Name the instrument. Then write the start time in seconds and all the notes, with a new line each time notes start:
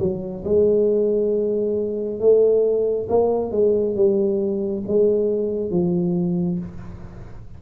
tuba
0.00 F#3
0.45 G#3
2.20 A3
3.09 A#3
3.52 G#3
3.96 G3
4.88 G#3
5.71 F3